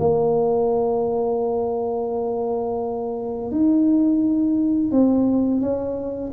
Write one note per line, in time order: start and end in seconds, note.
0.00 3.51 A#3
3.51 4.92 D#4
4.92 5.61 C4
5.61 6.31 C#4